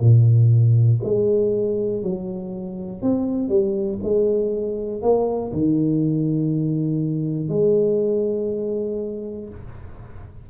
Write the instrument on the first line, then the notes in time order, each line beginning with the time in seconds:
tuba
0.00 A#2
1.03 G#3
2.03 F#3
3.02 C4
3.48 G3
4.03 G#3
5.01 A#3
5.52 D#3
7.49 G#3